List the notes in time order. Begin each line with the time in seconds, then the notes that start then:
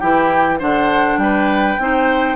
0.00 E3 E4 G4 G5
0.59 D3 D4 C5 F#5
1.18 G3 B4 G5
1.79 C4 D#4 C5